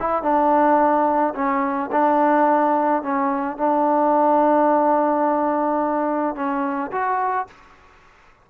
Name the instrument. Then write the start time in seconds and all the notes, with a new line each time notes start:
trombone
0.00 E4
0.22 D4
1.35 C#4
1.92 D4
3.03 C#4
3.58 D4
6.35 C#4
6.92 F#4